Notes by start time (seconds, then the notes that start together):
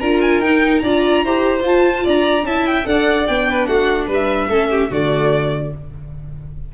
0.00 D4 F4 A#4 A#5
0.22 G#5
0.39 D#4 G5
0.79 D4 D5 A#5
0.85 F4
1.24 E4 G4 C5
1.60 F4
1.66 A5
2.05 D4 D5 A#5
2.43 C#4 E4 E5 A5
2.67 G5
2.85 D4 A4 D5 F#5
3.27 B3 D4 G5
3.50 B4
3.67 A3 F#4 F#5
4.07 G3 B4
4.14 E5
4.49 A3 C#4 A4
4.71 G4
4.90 D3 A3 F#4 D5